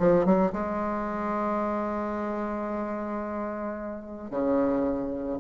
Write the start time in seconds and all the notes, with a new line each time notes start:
0.00 F3
0.26 F#3
0.53 G#3
4.31 C#3